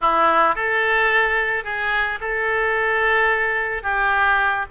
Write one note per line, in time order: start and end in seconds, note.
0.01 0.55 E4
0.55 1.64 A4
1.64 2.19 G#4
2.20 3.83 A4
3.83 4.65 G4